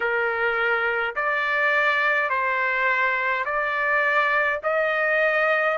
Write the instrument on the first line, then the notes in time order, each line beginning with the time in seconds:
trumpet
0.00 A#4
1.15 D5
2.29 C5
3.45 D5
4.63 D#5